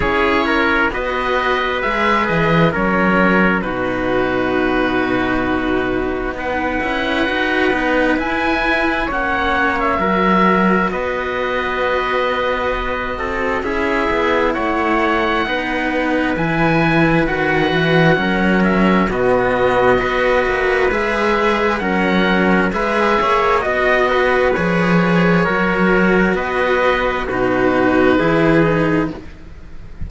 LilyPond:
<<
  \new Staff \with { instrumentName = "oboe" } { \time 4/4 \tempo 4 = 66 cis''4 dis''4 e''8 dis''8 cis''4 | b'2. fis''4~ | fis''4 gis''4 fis''8. e''4~ e''16 | dis''2. e''4 |
fis''2 gis''4 fis''4~ | fis''8 e''8 dis''2 e''4 | fis''4 e''4 dis''4 cis''4~ | cis''4 dis''4 b'2 | }
  \new Staff \with { instrumentName = "trumpet" } { \time 4/4 gis'8 ais'8 b'2 ais'4 | fis'2. b'4~ | b'2 cis''4 ais'4 | b'2~ b'8 a'8 gis'4 |
cis''4 b'2. | ais'4 fis'4 b'2 | ais'4 b'8 cis''8 dis''8 b'4. | ais'4 b'4 fis'4 gis'4 | }
  \new Staff \with { instrumentName = "cello" } { \time 4/4 e'4 fis'4 gis'4 cis'4 | dis'2.~ dis'8 e'8 | fis'8 dis'8 e'4 cis'4 fis'4~ | fis'2. e'4~ |
e'4 dis'4 e'4 fis'4 | cis'4 b4 fis'4 gis'4 | cis'4 gis'4 fis'4 gis'4 | fis'2 dis'4 e'8 dis'8 | }
  \new Staff \with { instrumentName = "cello" } { \time 4/4 cis'4 b4 gis8 e8 fis4 | b,2. b8 cis'8 | dis'8 b8 e'4 ais4 fis4 | b2~ b8 c'8 cis'8 b8 |
a4 b4 e4 dis8 e8 | fis4 b,4 b8 ais8 gis4 | fis4 gis8 ais8 b4 f4 | fis4 b4 b,4 e4 | }
>>